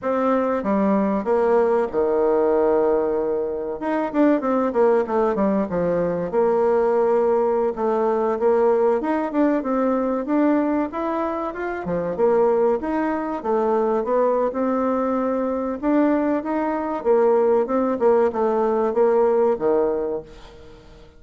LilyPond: \new Staff \with { instrumentName = "bassoon" } { \time 4/4 \tempo 4 = 95 c'4 g4 ais4 dis4~ | dis2 dis'8 d'8 c'8 ais8 | a8 g8 f4 ais2~ | ais16 a4 ais4 dis'8 d'8 c'8.~ |
c'16 d'4 e'4 f'8 f8 ais8.~ | ais16 dis'4 a4 b8. c'4~ | c'4 d'4 dis'4 ais4 | c'8 ais8 a4 ais4 dis4 | }